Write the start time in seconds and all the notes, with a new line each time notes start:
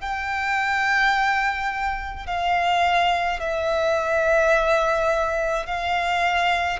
0.00 G5
2.26 F5
3.40 E5
5.66 F5